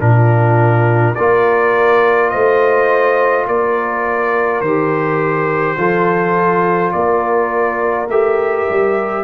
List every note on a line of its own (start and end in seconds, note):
0.00 1.17 A#2
0.00 1.15 D4
0.00 1.18 F4
0.00 1.15 A#4
1.15 2.34 A#3
1.15 4.65 F4
1.15 2.31 A#4
1.15 2.30 D5
2.30 3.47 A3
2.30 3.47 C5
2.30 3.46 D#5
3.47 4.61 A#3
3.47 5.78 A#4
3.47 4.62 D5
4.61 5.77 D#3
4.61 5.78 G4
4.61 6.92 C5
5.78 6.93 F3
5.78 8.08 F4
5.78 6.94 A4
6.93 8.09 A#3
6.93 9.25 A#4
6.93 8.08 D5
8.09 8.67 A3
8.09 9.25 G4
8.09 9.25 E5
8.70 9.25 G3